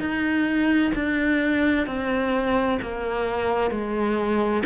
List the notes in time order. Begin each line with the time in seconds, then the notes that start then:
0.00 D#4
0.95 D4
1.86 C4
2.82 A#3
3.70 G#3